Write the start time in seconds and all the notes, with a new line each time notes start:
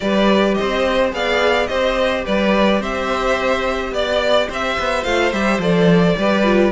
0.00 G3 G4 B4 D5
0.54 C5 D#5
0.61 C4
1.11 B3 G#4 D5 F5
1.66 C4 G4 C5 D#5
2.24 G3 B4 D5
2.79 C4 C5 E5
3.91 B3 D5
4.48 C4 C5 E5
4.78 B3
5.03 A3 F4 F5
5.32 G3 G4 E5
5.58 F3 A4 D5
6.17 G3 G4 B4
6.44 F4